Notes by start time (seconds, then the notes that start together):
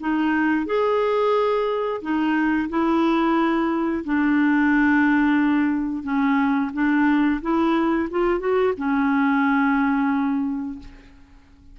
0.00 D#4
0.66 G#4
2.01 D#4
2.69 E4
4.04 D4
6.03 C#4
6.73 D4
7.42 E4
8.10 F4
8.40 F#4
8.77 C#4